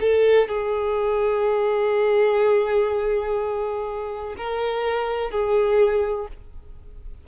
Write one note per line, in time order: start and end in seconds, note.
0.00 0.48 A4
0.48 4.35 G#4
4.37 5.30 A#4
5.30 6.27 G#4